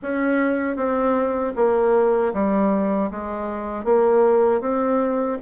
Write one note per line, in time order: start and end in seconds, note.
0.02 0.76 C#4
0.76 1.53 C4
1.56 2.33 A#3
2.33 3.10 G3
3.10 3.84 G#3
3.84 4.60 A#3
4.60 5.37 C4